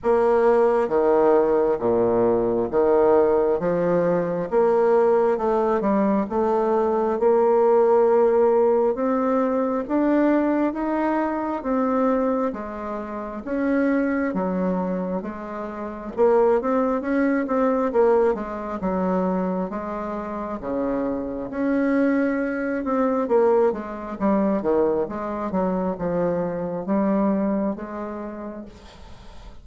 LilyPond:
\new Staff \with { instrumentName = "bassoon" } { \time 4/4 \tempo 4 = 67 ais4 dis4 ais,4 dis4 | f4 ais4 a8 g8 a4 | ais2 c'4 d'4 | dis'4 c'4 gis4 cis'4 |
fis4 gis4 ais8 c'8 cis'8 c'8 | ais8 gis8 fis4 gis4 cis4 | cis'4. c'8 ais8 gis8 g8 dis8 | gis8 fis8 f4 g4 gis4 | }